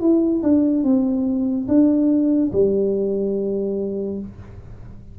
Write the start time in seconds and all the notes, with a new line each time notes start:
0.00 E4
0.42 D4
0.83 C4
1.67 D4
2.52 G3